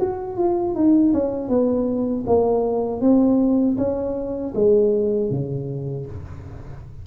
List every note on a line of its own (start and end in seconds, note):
0.00 0.37 F#4
0.37 0.75 F4
0.75 1.13 D#4
1.13 1.48 C#4
1.48 2.24 B3
2.27 3.01 A#3
3.01 3.77 C4
3.78 4.54 C#4
4.55 5.30 G#3
5.30 6.06 C#3